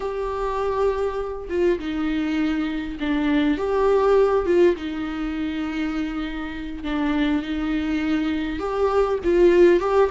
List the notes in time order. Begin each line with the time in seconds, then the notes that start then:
0.00 G4
1.49 F4
1.79 D#4
3.00 D4
3.57 G4
4.46 F4
4.76 D#4
6.83 D4
7.42 D#4
8.59 G4
9.24 F4
9.80 G4